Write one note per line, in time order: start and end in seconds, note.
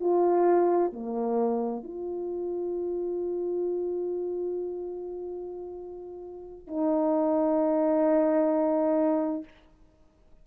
0.00 0.92 F4
0.92 1.83 A#3
1.83 6.67 F4
6.67 9.44 D#4